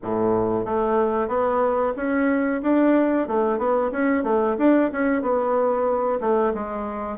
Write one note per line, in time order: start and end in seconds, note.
0.03 0.65 A2
0.65 1.28 A3
1.28 1.93 B3
1.96 2.61 C#4
2.62 3.27 D4
3.27 3.58 A3
3.58 3.90 B3
3.91 4.23 C#4
4.23 4.56 A3
4.58 4.90 D4
4.92 5.21 C#4
5.21 6.19 B3
6.20 6.53 A3
6.54 7.18 G#3